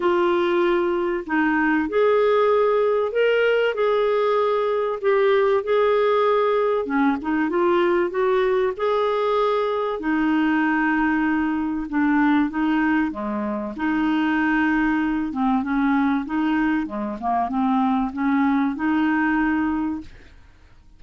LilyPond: \new Staff \with { instrumentName = "clarinet" } { \time 4/4 \tempo 4 = 96 f'2 dis'4 gis'4~ | gis'4 ais'4 gis'2 | g'4 gis'2 cis'8 dis'8 | f'4 fis'4 gis'2 |
dis'2. d'4 | dis'4 gis4 dis'2~ | dis'8 c'8 cis'4 dis'4 gis8 ais8 | c'4 cis'4 dis'2 | }